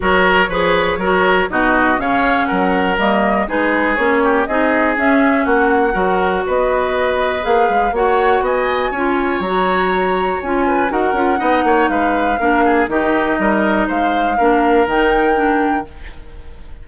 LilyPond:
<<
  \new Staff \with { instrumentName = "flute" } { \time 4/4 \tempo 4 = 121 cis''2. dis''4 | f''4 fis''4 dis''4 b'4 | cis''4 dis''4 e''4 fis''4~ | fis''4 dis''2 f''4 |
fis''4 gis''2 ais''4~ | ais''4 gis''4 fis''2 | f''2 dis''2 | f''2 g''2 | }
  \new Staff \with { instrumentName = "oboe" } { \time 4/4 ais'4 b'4 ais'4 fis'4 | cis''4 ais'2 gis'4~ | gis'8 g'8 gis'2 fis'4 | ais'4 b'2. |
cis''4 dis''4 cis''2~ | cis''4. b'8 ais'4 dis''8 cis''8 | b'4 ais'8 gis'8 g'4 ais'4 | c''4 ais'2. | }
  \new Staff \with { instrumentName = "clarinet" } { \time 4/4 fis'4 gis'4 fis'4 dis'4 | cis'2 ais4 dis'4 | cis'4 dis'4 cis'2 | fis'2. gis'4 |
fis'2 f'4 fis'4~ | fis'4 f'4 fis'8 f'8 dis'4~ | dis'4 d'4 dis'2~ | dis'4 d'4 dis'4 d'4 | }
  \new Staff \with { instrumentName = "bassoon" } { \time 4/4 fis4 f4 fis4 b,4 | cis4 fis4 g4 gis4 | ais4 c'4 cis'4 ais4 | fis4 b2 ais8 gis8 |
ais4 b4 cis'4 fis4~ | fis4 cis'4 dis'8 cis'8 b8 ais8 | gis4 ais4 dis4 g4 | gis4 ais4 dis2 | }
>>